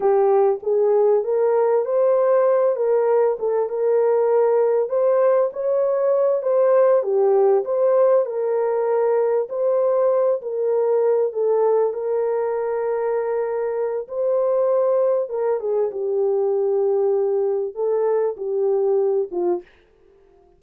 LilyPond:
\new Staff \with { instrumentName = "horn" } { \time 4/4 \tempo 4 = 98 g'4 gis'4 ais'4 c''4~ | c''8 ais'4 a'8 ais'2 | c''4 cis''4. c''4 g'8~ | g'8 c''4 ais'2 c''8~ |
c''4 ais'4. a'4 ais'8~ | ais'2. c''4~ | c''4 ais'8 gis'8 g'2~ | g'4 a'4 g'4. f'8 | }